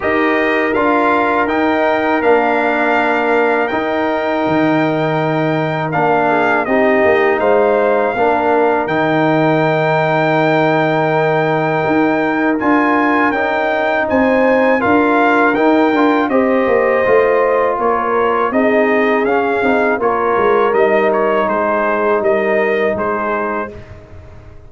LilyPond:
<<
  \new Staff \with { instrumentName = "trumpet" } { \time 4/4 \tempo 4 = 81 dis''4 f''4 g''4 f''4~ | f''4 g''2. | f''4 dis''4 f''2 | g''1~ |
g''4 gis''4 g''4 gis''4 | f''4 g''4 dis''2 | cis''4 dis''4 f''4 cis''4 | dis''8 cis''8 c''4 dis''4 c''4 | }
  \new Staff \with { instrumentName = "horn" } { \time 4/4 ais'1~ | ais'1~ | ais'8 gis'8 g'4 c''4 ais'4~ | ais'1~ |
ais'2. c''4 | ais'2 c''2 | ais'4 gis'2 ais'4~ | ais'4 gis'4 ais'4 gis'4 | }
  \new Staff \with { instrumentName = "trombone" } { \time 4/4 g'4 f'4 dis'4 d'4~ | d'4 dis'2. | d'4 dis'2 d'4 | dis'1~ |
dis'4 f'4 dis'2 | f'4 dis'8 f'8 g'4 f'4~ | f'4 dis'4 cis'8 dis'8 f'4 | dis'1 | }
  \new Staff \with { instrumentName = "tuba" } { \time 4/4 dis'4 d'4 dis'4 ais4~ | ais4 dis'4 dis2 | ais4 c'8 ais8 gis4 ais4 | dis1 |
dis'4 d'4 cis'4 c'4 | d'4 dis'8 d'8 c'8 ais8 a4 | ais4 c'4 cis'8 c'8 ais8 gis8 | g4 gis4 g4 gis4 | }
>>